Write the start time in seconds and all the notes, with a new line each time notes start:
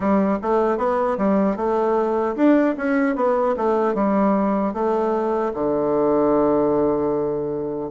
0.00 G3
0.42 A3
0.77 B3
1.17 G3
1.56 A3
2.35 D4
2.77 C#4
3.15 B3
3.57 A3
3.94 G3
4.73 A3
5.53 D3